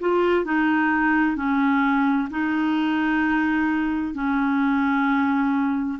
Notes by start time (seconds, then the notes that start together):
0.00 F4
0.45 D#4
1.36 C#4
2.30 D#4
4.14 C#4